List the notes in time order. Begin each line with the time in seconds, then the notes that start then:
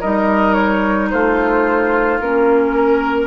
0.00 G3 D#4 A#4 D#5
0.54 C#5
1.10 A3 F4 C5
2.20 A#3 C#4 A#4
2.76 A#4